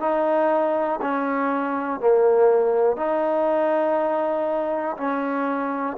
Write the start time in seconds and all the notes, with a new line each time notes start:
0.00 D#4
1.01 C#4
2.00 A#3
2.97 D#4
4.97 C#4